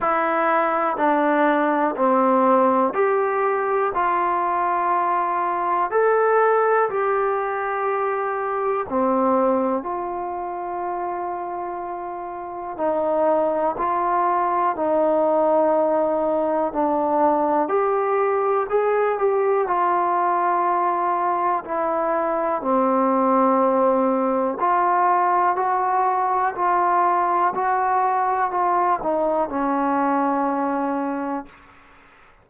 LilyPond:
\new Staff \with { instrumentName = "trombone" } { \time 4/4 \tempo 4 = 61 e'4 d'4 c'4 g'4 | f'2 a'4 g'4~ | g'4 c'4 f'2~ | f'4 dis'4 f'4 dis'4~ |
dis'4 d'4 g'4 gis'8 g'8 | f'2 e'4 c'4~ | c'4 f'4 fis'4 f'4 | fis'4 f'8 dis'8 cis'2 | }